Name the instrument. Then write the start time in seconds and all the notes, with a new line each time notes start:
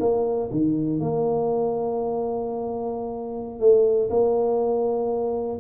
tuba
0.00 A#3
0.51 D#3
1.00 A#3
3.60 A3
4.10 A#3